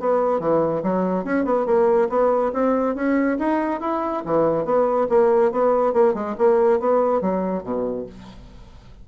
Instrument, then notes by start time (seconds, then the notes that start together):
bassoon
0.00 B3
0.40 E3
0.83 F#3
1.25 C#4
1.45 B3
1.66 A#3
2.10 B3
2.53 C4
2.96 C#4
3.39 D#4
3.81 E4
4.26 E3
4.65 B3
5.10 A#3
5.52 B3
5.94 A#3
6.15 G#3
6.38 A#3
6.80 B3
7.22 F#3
7.64 B2